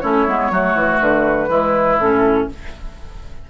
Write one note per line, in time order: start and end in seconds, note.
0.00 0.27 A3
0.00 0.27 C#4
0.00 0.52 E4
0.00 0.98 C#5
0.27 0.50 G#3
0.27 0.52 B3
0.50 0.74 F#3
0.50 1.48 A3
0.50 1.49 F#4
0.74 0.99 E3
1.00 1.49 D3
1.00 1.99 B4
1.48 1.98 E3
1.48 1.98 G#3
1.48 2.47 E4
1.98 2.48 A2
1.98 2.50 C#4
1.98 2.49 A4